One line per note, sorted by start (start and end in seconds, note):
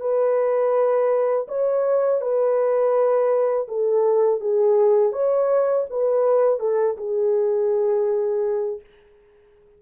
0.00 1.46 B4
1.48 2.21 C#5
2.21 3.67 B4
3.68 4.40 A4
4.40 5.12 G#4
5.12 5.85 C#5
5.90 6.60 B4
6.60 6.96 A4
6.97 8.80 G#4